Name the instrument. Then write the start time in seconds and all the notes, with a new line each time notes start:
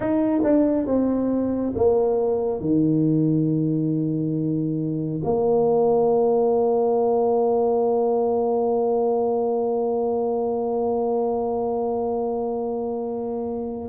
tuba
0.00 D#4
0.43 D4
0.86 C4
1.75 A#3
2.60 D#3
5.24 A#3